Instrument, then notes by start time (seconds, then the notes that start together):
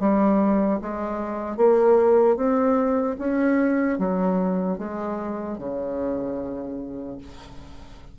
bassoon
0.00 G3
0.82 G#3
1.57 A#3
2.37 C4
3.19 C#4
3.99 F#3
4.79 G#3
5.59 C#3